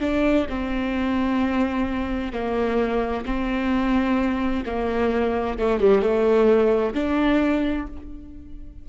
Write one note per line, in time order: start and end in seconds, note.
0.00 0.46 D4
0.49 2.32 C4
2.32 3.25 A#3
3.26 4.64 C4
4.66 5.58 A#3
5.58 5.80 A3
5.80 6.02 G3
6.02 6.94 A3
6.94 7.87 D4